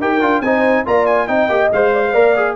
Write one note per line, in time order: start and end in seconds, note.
0.00 0.21 D#4
0.00 0.21 G4
0.00 0.43 A#4
0.00 0.41 G5
0.21 0.40 D4
0.21 0.42 F4
0.40 0.83 C4
0.40 0.85 D#4
0.40 0.87 C5
0.40 0.84 G#5
0.85 1.28 A#3
0.85 1.28 F4
0.85 1.28 D5
0.85 1.06 A#5
1.06 1.27 G#5
1.27 1.48 C4
1.27 1.49 D#4
1.27 1.92 D#5
1.27 1.70 G5
1.48 1.70 A#3
1.48 1.70 G4
1.72 2.14 G#3
1.72 2.14 C5
1.72 2.55 F5
1.92 2.03 D5
2.05 2.13 C5
2.13 2.55 A#3
2.13 2.35 A#4
2.13 2.55 D5
2.36 2.55 G#4